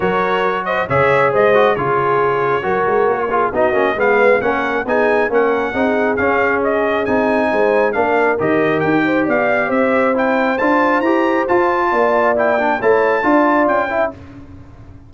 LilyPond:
<<
  \new Staff \with { instrumentName = "trumpet" } { \time 4/4 \tempo 4 = 136 cis''4. dis''8 e''4 dis''4 | cis''1 | dis''4 f''4 fis''4 gis''4 | fis''2 f''4 dis''4 |
gis''2 f''4 dis''4 | g''4 f''4 e''4 g''4 | a''4 ais''4 a''2 | g''4 a''2 g''4 | }
  \new Staff \with { instrumentName = "horn" } { \time 4/4 ais'4. c''8 cis''4 c''4 | gis'2 ais'4. gis'8 | fis'4 b'4 ais'4 gis'4 | ais'4 gis'2.~ |
gis'4 c''4 ais'2~ | ais'8 c''8 d''4 c''2~ | c''2. d''4~ | d''4 cis''4 d''4. e''8 | }
  \new Staff \with { instrumentName = "trombone" } { \time 4/4 fis'2 gis'4. fis'8 | f'2 fis'4. f'8 | dis'8 cis'8 b4 cis'4 dis'4 | cis'4 dis'4 cis'2 |
dis'2 d'4 g'4~ | g'2. e'4 | f'4 g'4 f'2 | e'8 d'8 e'4 f'4. e'8 | }
  \new Staff \with { instrumentName = "tuba" } { \time 4/4 fis2 cis4 gis4 | cis2 fis8 gis8 ais4 | b8 ais8 gis4 ais4 b4 | ais4 c'4 cis'2 |
c'4 gis4 ais4 dis4 | dis'4 b4 c'2 | d'4 e'4 f'4 ais4~ | ais4 a4 d'4 cis'4 | }
>>